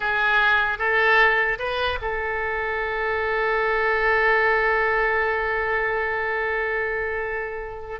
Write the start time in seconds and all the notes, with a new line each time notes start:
0.00 G#4
0.78 A4
1.58 B4
2.01 A4